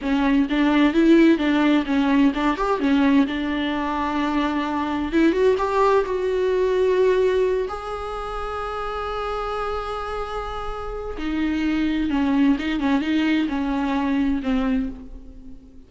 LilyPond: \new Staff \with { instrumentName = "viola" } { \time 4/4 \tempo 4 = 129 cis'4 d'4 e'4 d'4 | cis'4 d'8 g'8 cis'4 d'4~ | d'2. e'8 fis'8 | g'4 fis'2.~ |
fis'8 gis'2.~ gis'8~ | gis'1 | dis'2 cis'4 dis'8 cis'8 | dis'4 cis'2 c'4 | }